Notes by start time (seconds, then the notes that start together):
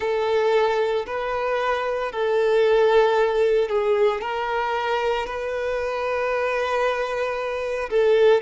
0.00 A4
1.06 B4
2.11 A4
3.68 G#4
4.21 A#4
5.26 B4
7.89 A4